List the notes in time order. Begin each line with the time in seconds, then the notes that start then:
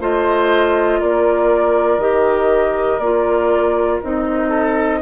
0.00 A3 F4 C5 D#5
1.00 A#3 A#4 D5
1.97 D#3 G4 D#5
2.99 A#3 F4 D5
4.02 C4 D#4 D#5
4.48 A4